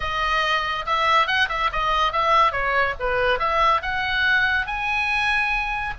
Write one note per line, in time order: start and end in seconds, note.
0.00 0.85 D#5
0.86 1.27 E5
1.27 1.48 F#5
1.48 1.70 E5
1.72 2.12 D#5
2.12 2.51 E5
2.51 2.94 C#5
2.99 3.39 B4
3.39 3.81 E5
3.82 4.66 F#5
4.66 5.94 G#5